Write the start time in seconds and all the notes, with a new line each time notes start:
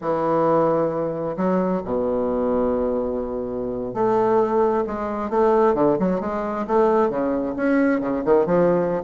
0.01 E3
1.36 F#3
1.85 B2
3.94 A3
4.86 G#3
5.30 A3
5.74 D3
5.99 F#3
6.20 G#3
6.67 A3
7.09 C#3
7.56 C#4
8.00 C#3
8.25 D#3
8.46 F3